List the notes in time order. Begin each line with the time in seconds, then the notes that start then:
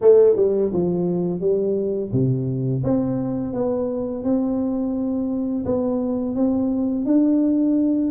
0.01 A3
0.36 G3
0.73 F3
1.40 G3
2.12 C3
2.83 C4
3.53 B3
4.23 C4
5.65 B3
6.35 C4
7.05 D4